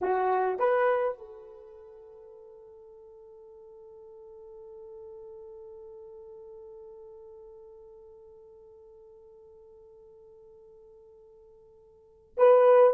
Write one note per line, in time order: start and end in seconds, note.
0.01 0.59 F#4
0.59 1.18 B4
1.18 12.35 A4
12.37 12.94 B4